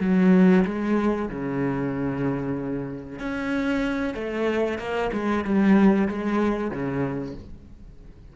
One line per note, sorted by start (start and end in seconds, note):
0.00 0.64 F#3
0.64 1.28 G#3
1.28 3.19 C#3
3.19 4.14 C#4
4.14 4.78 A3
4.78 5.10 A#3
5.12 5.44 G#3
5.44 6.08 G3
6.08 6.71 G#3
6.71 7.34 C#3